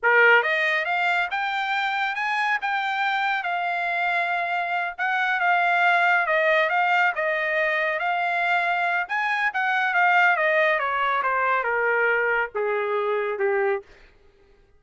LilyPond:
\new Staff \with { instrumentName = "trumpet" } { \time 4/4 \tempo 4 = 139 ais'4 dis''4 f''4 g''4~ | g''4 gis''4 g''2 | f''2.~ f''8 fis''8~ | fis''8 f''2 dis''4 f''8~ |
f''8 dis''2 f''4.~ | f''4 gis''4 fis''4 f''4 | dis''4 cis''4 c''4 ais'4~ | ais'4 gis'2 g'4 | }